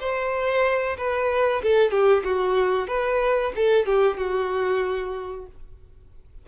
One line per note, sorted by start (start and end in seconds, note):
0.00 0.97 C5
0.98 1.62 B4
1.63 1.91 A4
1.91 2.23 G4
2.24 2.88 F#4
2.88 3.52 B4
3.56 3.86 A4
3.86 4.17 G4
4.17 5.46 F#4